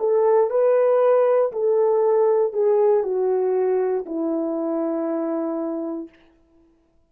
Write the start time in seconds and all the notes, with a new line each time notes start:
0.00 A4
0.51 B4
1.53 A4
2.53 G#4
3.04 F#4
4.06 E4